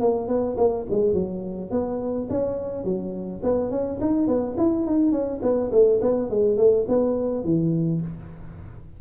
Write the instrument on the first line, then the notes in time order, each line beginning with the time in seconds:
tuba
0.00 A#3
0.28 B3
0.57 A#3
0.90 G#3
1.13 F#3
1.70 B3
2.30 C#4
2.84 F#3
3.43 B3
3.70 C#4
4.01 D#4
4.27 B3
4.57 E4
4.86 D#4
5.12 C#4
5.42 B3
5.71 A3
6.01 B3
6.30 G#3
6.57 A3
6.88 B3
7.44 E3